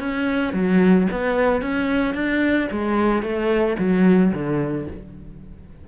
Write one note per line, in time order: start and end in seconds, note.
0.00 0.54 C#4
0.54 1.08 F#3
1.12 1.62 B3
1.62 2.15 C#4
2.15 2.69 D4
2.71 3.23 G#3
3.23 3.77 A3
3.79 4.33 F#3
4.34 4.88 D3